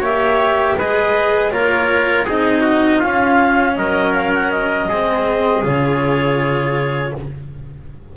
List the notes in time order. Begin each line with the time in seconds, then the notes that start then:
0.00 A#3 G4 C#5 E5
0.76 G#3 G#4 B4 D#5
1.52 A#3 F4 A#4 C#5
2.25 C4 D#4 G#4 D#5
2.61 F#4
2.99 C#4 F4 F5
3.76 F#3 A#4 D#5
4.14 F5
4.34 F#5
4.51 D#5
4.88 G#3 C4 G#4
5.63 C#3 F4 C#5